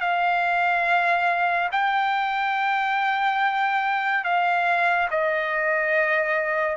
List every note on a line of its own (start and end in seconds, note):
0.00 1.69 F5
1.72 4.24 G5
4.24 5.09 F5
5.10 6.76 D#5